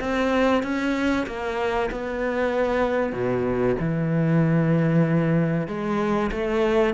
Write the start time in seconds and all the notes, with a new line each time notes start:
0.00 C4
0.63 C#4
1.27 A#3
1.91 B3
3.13 B2
3.80 E3
5.68 G#3
6.32 A3